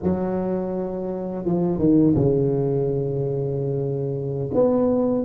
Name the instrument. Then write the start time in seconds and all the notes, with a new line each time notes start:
tuba
0.02 F#3
1.44 F3
1.78 D#3
2.15 C#3
4.53 B3